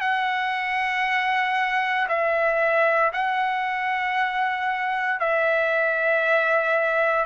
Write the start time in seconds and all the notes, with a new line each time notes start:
0.00 F#5
2.08 E5
3.13 F#5
5.19 E5